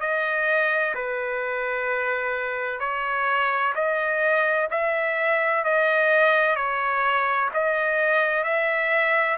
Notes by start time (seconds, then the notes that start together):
0.00 D#5
0.94 B4
2.80 C#5
3.75 D#5
4.70 E5
5.64 D#5
6.55 C#5
7.54 D#5
8.44 E5